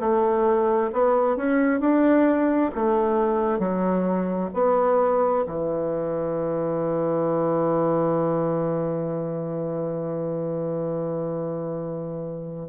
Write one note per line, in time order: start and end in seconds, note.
0.00 0.91 A3
0.93 1.36 B3
1.36 1.80 C#4
1.80 2.71 D4
2.75 3.59 A3
3.59 4.50 F#3
4.54 5.45 B3
5.47 12.69 E3